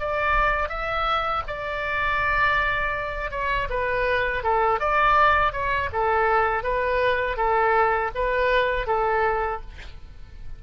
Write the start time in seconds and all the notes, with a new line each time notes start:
0.00 D5
0.69 E5
1.48 D5
3.32 C#5
3.70 B4
4.43 A4
4.80 D5
5.53 C#5
5.93 A4
6.64 B4
7.37 A4
8.15 B4
8.87 A4